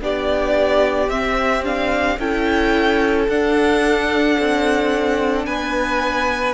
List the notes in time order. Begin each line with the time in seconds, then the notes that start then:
0.00 B3 D4 G4 D5
1.09 C4 E5
1.63 D4 F5
2.19 C#4 E4 A4 G5
3.28 D4 F#5
4.39 C4
5.45 B3 B4 G#5